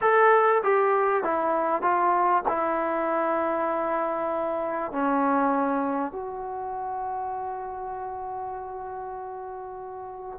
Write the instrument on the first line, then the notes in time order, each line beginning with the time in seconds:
trombone
0.01 A4
0.63 G4
1.23 E4
1.82 F4
2.47 E4
4.91 C#4
6.11 F#4